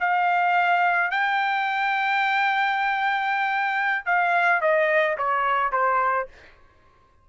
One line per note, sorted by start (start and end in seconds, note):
0.00 1.11 F5
1.11 4.05 G5
4.06 4.61 F5
4.61 5.17 D#5
5.17 5.72 C#5
5.72 6.28 C5